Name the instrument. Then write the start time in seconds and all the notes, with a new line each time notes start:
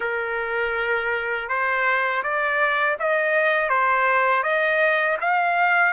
trumpet
0.00 A#4
1.48 C5
2.23 D5
2.99 D#5
3.69 C5
4.43 D#5
5.21 F5